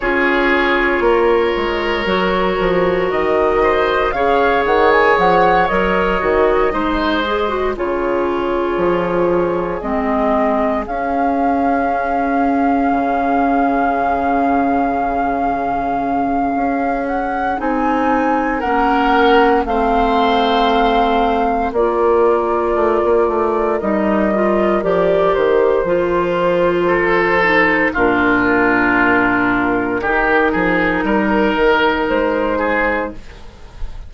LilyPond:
<<
  \new Staff \with { instrumentName = "flute" } { \time 4/4 \tempo 4 = 58 cis''2. dis''4 | f''8 fis''16 gis''16 fis''8 dis''2 cis''8~ | cis''4. dis''4 f''4.~ | f''1~ |
f''8 fis''8 gis''4 fis''4 f''4~ | f''4 d''2 dis''4 | d''8 c''2~ c''8 ais'4~ | ais'2. c''4 | }
  \new Staff \with { instrumentName = "oboe" } { \time 4/4 gis'4 ais'2~ ais'8 c''8 | cis''2~ cis''8 c''4 gis'8~ | gis'1~ | gis'1~ |
gis'2 ais'4 c''4~ | c''4 ais'2.~ | ais'2 a'4 f'4~ | f'4 g'8 gis'8 ais'4. gis'8 | }
  \new Staff \with { instrumentName = "clarinet" } { \time 4/4 f'2 fis'2 | gis'4. ais'8 fis'8 dis'8 gis'16 fis'16 f'8~ | f'4. c'4 cis'4.~ | cis'1~ |
cis'4 dis'4 cis'4 c'4~ | c'4 f'2 dis'8 f'8 | g'4 f'4. dis'8 d'4~ | d'4 dis'2. | }
  \new Staff \with { instrumentName = "bassoon" } { \time 4/4 cis'4 ais8 gis8 fis8 f8 dis4 | cis8 dis8 f8 fis8 dis8 gis4 cis8~ | cis8 f4 gis4 cis'4.~ | cis'8 cis2.~ cis8 |
cis'4 c'4 ais4 a4~ | a4 ais4 a16 ais16 a8 g4 | f8 dis8 f2 ais,4~ | ais,4 dis8 f8 g8 dis8 gis4 | }
>>